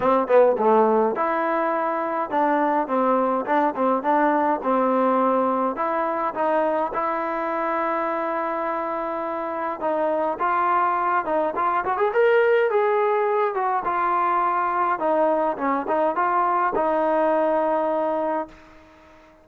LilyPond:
\new Staff \with { instrumentName = "trombone" } { \time 4/4 \tempo 4 = 104 c'8 b8 a4 e'2 | d'4 c'4 d'8 c'8 d'4 | c'2 e'4 dis'4 | e'1~ |
e'4 dis'4 f'4. dis'8 | f'8 fis'16 gis'16 ais'4 gis'4. fis'8 | f'2 dis'4 cis'8 dis'8 | f'4 dis'2. | }